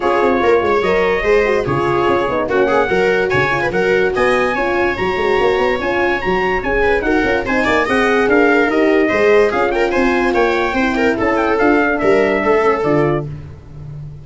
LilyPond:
<<
  \new Staff \with { instrumentName = "trumpet" } { \time 4/4 \tempo 4 = 145 cis''2 dis''2 | cis''2 fis''2 | gis''4 fis''4 gis''2 | ais''2 gis''4 ais''4 |
gis''4 fis''4 gis''4 fis''4 | f''4 dis''2 f''8 g''8 | gis''4 g''2 a''8 g''8 | f''4 e''2 d''4 | }
  \new Staff \with { instrumentName = "viola" } { \time 4/4 gis'4 ais'8 cis''4. c''4 | gis'2 fis'8 gis'8 ais'4 | cis''8. b'16 ais'4 dis''4 cis''4~ | cis''1~ |
cis''8 b'8 ais'4 c''8 d''8 dis''4 | ais'2 c''4 gis'8 ais'8 | c''4 cis''4 c''8 ais'8 a'4~ | a'4 ais'4 a'2 | }
  \new Staff \with { instrumentName = "horn" } { \time 4/4 f'2 ais'4 gis'8 fis'8 | f'4. dis'8 cis'4 fis'4~ | fis'8 f'8 fis'2 f'4 | fis'2 f'4 fis'4 |
gis'4 fis'8 f'8 dis'4 gis'4~ | gis'4 g'4 gis'4 f'4~ | f'2 e'2 | f'8 d'2 cis'8 f'4 | }
  \new Staff \with { instrumentName = "tuba" } { \time 4/4 cis'8 c'8 ais8 gis8 fis4 gis4 | cis4 cis'8 b8 ais4 fis4 | cis4 fis4 b4 cis'4 | fis8 gis8 ais8 b8 cis'4 fis4 |
cis'4 dis'8 cis'8 c'8 ais8 c'4 | d'4 dis'4 gis4 cis'4 | c'4 ais4 c'4 cis'4 | d'4 g4 a4 d4 | }
>>